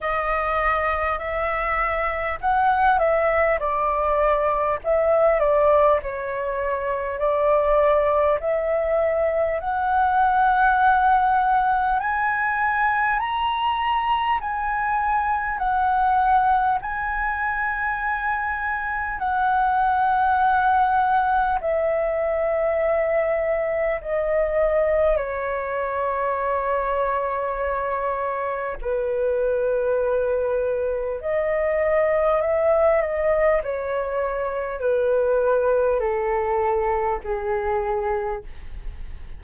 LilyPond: \new Staff \with { instrumentName = "flute" } { \time 4/4 \tempo 4 = 50 dis''4 e''4 fis''8 e''8 d''4 | e''8 d''8 cis''4 d''4 e''4 | fis''2 gis''4 ais''4 | gis''4 fis''4 gis''2 |
fis''2 e''2 | dis''4 cis''2. | b'2 dis''4 e''8 dis''8 | cis''4 b'4 a'4 gis'4 | }